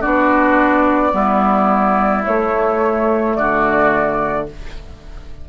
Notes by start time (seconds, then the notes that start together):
0.00 B3 D4 F#4 D5
1.11 G3 B3 E4
2.24 A3 C#5
3.34 D3 F#4 D5